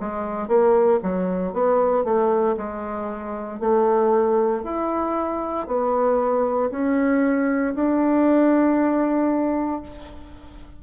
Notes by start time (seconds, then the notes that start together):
0.00 G#3
0.48 A#3
1.03 F#3
1.53 B3
2.04 A3
2.57 G#3
3.60 A3
4.64 E4
5.67 B3
6.71 C#4
7.75 D4